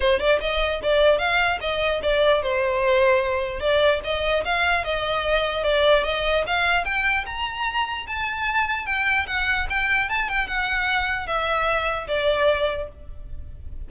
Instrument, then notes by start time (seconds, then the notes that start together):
violin
0.00 C5
0.19 D5
0.40 D#5
0.82 D5
1.18 F5
1.60 D#5
2.02 D5
2.42 C5
3.60 D5
4.04 D#5
4.44 F5
4.84 D#5
5.63 D5
6.04 D#5
6.46 F5
6.84 G5
7.26 A#5
8.06 A5
8.86 G5
9.26 F#5
9.69 G5
10.09 A5
10.28 G5
10.47 F#5
11.26 E5
12.07 D5